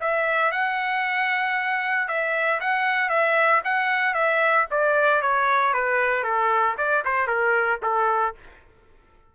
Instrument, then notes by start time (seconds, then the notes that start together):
trumpet
0.00 E5
0.51 F#5
2.08 E5
2.60 F#5
3.09 E5
3.64 F#5
4.14 E5
4.71 D5
5.21 C#5
5.73 B4
6.23 A4
6.77 D5
7.05 C5
7.27 A#4
7.82 A4